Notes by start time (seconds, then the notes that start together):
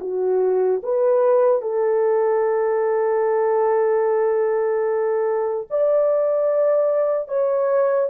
0.00 F#4
0.83 B4
1.62 A4
5.70 D5
7.28 C#5